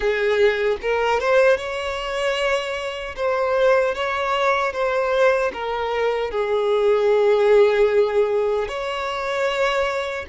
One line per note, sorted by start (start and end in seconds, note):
0.00 0.77 G#4
0.81 1.19 A#4
1.19 1.57 C5
1.57 3.15 C#5
3.16 3.94 C5
3.94 4.72 C#5
4.72 5.51 C5
5.53 6.31 A#4
6.31 8.67 G#4
8.67 10.25 C#5